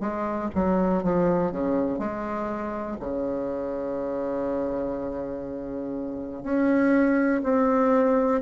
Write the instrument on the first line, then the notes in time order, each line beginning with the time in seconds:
bassoon
0.00 G#3
0.55 F#3
1.03 F3
1.51 C#3
1.98 G#3
3.00 C#3
6.43 C#4
7.43 C4